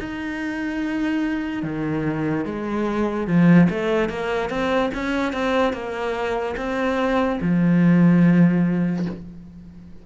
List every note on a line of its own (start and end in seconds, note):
0.00 1.63 D#4
1.63 2.45 D#3
2.46 3.28 G#3
3.28 3.69 F3
3.70 4.10 A3
4.10 4.50 A#3
4.50 4.91 C4
4.94 5.33 C#4
5.33 5.73 C4
5.73 6.56 A#3
6.57 7.39 C4
7.42 9.06 F3